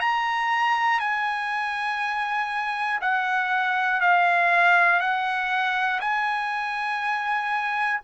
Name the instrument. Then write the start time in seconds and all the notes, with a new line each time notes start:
trumpet
0.00 A#5
1.00 G#5
3.01 F#5
4.01 F5
5.00 F#5
6.00 G#5